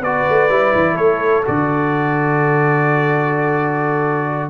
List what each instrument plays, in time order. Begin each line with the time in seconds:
0.00 tuba B3, trombone F#4, horn B4, trumpet D5
0.29 tuba A3
0.49 tuba G3, trombone E4
0.75 tuba E3
0.95 tuba A3, horn A4, trumpet C#5
1.44 tuba D3, trombone F#4, trumpet D5